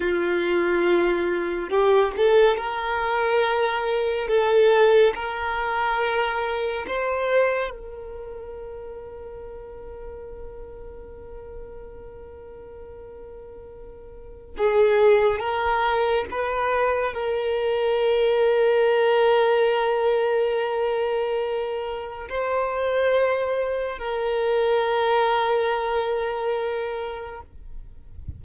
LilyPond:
\new Staff \with { instrumentName = "violin" } { \time 4/4 \tempo 4 = 70 f'2 g'8 a'8 ais'4~ | ais'4 a'4 ais'2 | c''4 ais'2.~ | ais'1~ |
ais'4 gis'4 ais'4 b'4 | ais'1~ | ais'2 c''2 | ais'1 | }